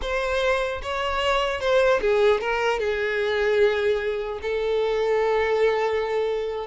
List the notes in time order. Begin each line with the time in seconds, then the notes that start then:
0.01 C5
0.82 C#5
1.60 C5
2.01 G#4
2.40 A#4
2.79 G#4
4.41 A4